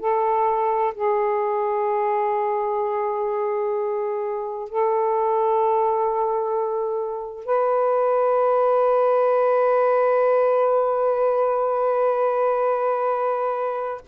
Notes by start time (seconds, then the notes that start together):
0.00 A4
0.95 G#4
4.69 A4
7.46 B4